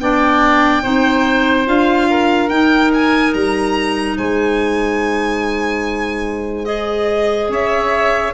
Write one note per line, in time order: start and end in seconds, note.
0.00 0.83 B3
0.00 0.83 D4
0.00 0.83 D5
0.00 1.67 G5
0.83 1.67 C4
0.83 1.66 D#4
0.83 2.08 C5
1.66 2.49 D4
1.66 2.49 F4
1.66 2.49 F5
2.10 4.17 A#4
2.49 3.33 D#4
2.49 6.65 D#4
2.49 2.91 G5
2.94 3.34 G#5
3.34 4.17 G3
3.34 4.17 A#5
4.17 7.49 G#3
4.17 7.50 C5
4.17 6.65 G#5
6.65 8.32 G#4
6.65 7.48 D#5
7.49 8.32 C#4
7.49 8.33 C#5
7.49 8.33 E5